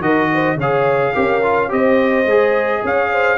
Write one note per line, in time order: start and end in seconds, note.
0.00 0.55 D#3
0.00 0.57 F#4
0.00 0.32 A#4
0.00 0.58 D#5
0.33 0.57 C5
0.55 1.11 C#3
0.55 1.13 C#5
0.55 1.72 F5
0.61 1.13 G#4
1.13 1.71 C#4
1.13 1.41 G4
1.13 1.70 A#4
1.42 1.68 F4
1.68 2.25 C4
1.68 2.24 G4
1.68 2.83 C5
1.68 2.84 D#5
2.25 2.81 G#3
2.25 3.37 G#4
2.84 3.37 C#4
2.84 3.11 C#5
2.84 3.37 F5
3.11 3.37 C5